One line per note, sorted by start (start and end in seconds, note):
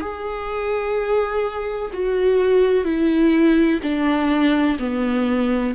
0.00 1.90 G#4
1.93 2.84 F#4
2.84 3.80 E4
3.82 4.77 D4
4.79 5.74 B3